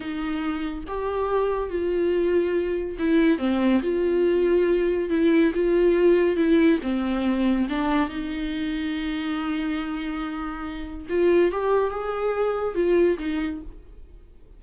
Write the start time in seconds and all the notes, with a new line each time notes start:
0.00 D#4
0.87 G4
1.69 F4
2.99 E4
3.38 C4
3.82 F4
5.09 E4
5.54 F4
6.36 E4
6.82 C4
7.69 D4
8.09 D#4
11.09 F4
11.51 G4
11.90 G#4
12.74 F4
13.18 D#4